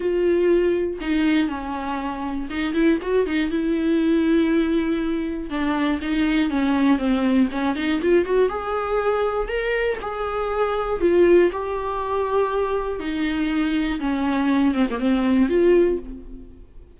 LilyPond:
\new Staff \with { instrumentName = "viola" } { \time 4/4 \tempo 4 = 120 f'2 dis'4 cis'4~ | cis'4 dis'8 e'8 fis'8 dis'8 e'4~ | e'2. d'4 | dis'4 cis'4 c'4 cis'8 dis'8 |
f'8 fis'8 gis'2 ais'4 | gis'2 f'4 g'4~ | g'2 dis'2 | cis'4. c'16 ais16 c'4 f'4 | }